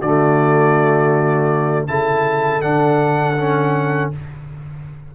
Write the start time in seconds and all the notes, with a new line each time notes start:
0.00 D3 A3 F#4 D5
1.87 C#3 E4 A4 A5
2.61 D3 D4 F#5
3.38 C#4